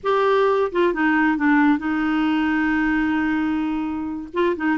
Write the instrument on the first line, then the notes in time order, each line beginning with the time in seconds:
clarinet
0.03 G4
0.71 F4
0.93 D#4
1.37 D4
1.78 D#4
4.33 F4
4.56 D#4